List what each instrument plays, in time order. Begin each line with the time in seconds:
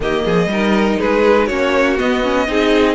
0.00 cello D#3, viola A#3, violin G4 D#5
0.24 cello F3, violin G#4
0.46 cello G3, viola D#4, violin A#4
0.99 cello G#3, violin G#4 B4
1.46 cello A#3, viola C#4, violin F#4 C#5
1.97 viola B3, cello B3, violin D#5
2.23 viola C#4
2.47 cello C4, viola D#4, violin G#4